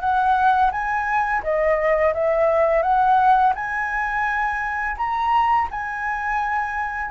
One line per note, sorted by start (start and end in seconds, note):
0.00 0.71 F#5
0.71 1.42 G#5
1.43 2.13 D#5
2.14 2.82 E5
2.82 3.53 F#5
3.55 4.96 G#5
4.97 5.68 A#5
5.71 7.10 G#5